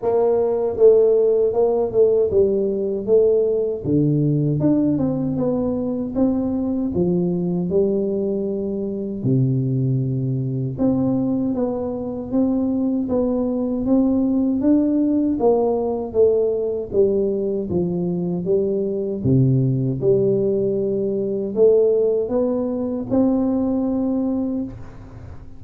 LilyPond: \new Staff \with { instrumentName = "tuba" } { \time 4/4 \tempo 4 = 78 ais4 a4 ais8 a8 g4 | a4 d4 d'8 c'8 b4 | c'4 f4 g2 | c2 c'4 b4 |
c'4 b4 c'4 d'4 | ais4 a4 g4 f4 | g4 c4 g2 | a4 b4 c'2 | }